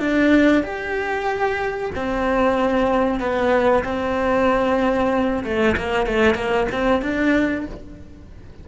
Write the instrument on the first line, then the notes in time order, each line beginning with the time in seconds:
cello
0.00 D4
0.64 G4
1.96 C4
3.20 B3
3.84 C4
5.45 A3
5.77 A#3
6.07 A3
6.35 A#3
6.72 C4
7.03 D4